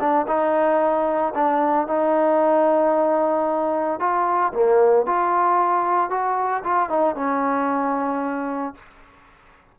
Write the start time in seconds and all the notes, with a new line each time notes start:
0.00 D4
0.28 D#4
1.35 D4
1.88 D#4
4.00 F4
4.54 A#3
5.07 F4
6.10 F#4
6.64 F4
6.90 D#4
7.16 C#4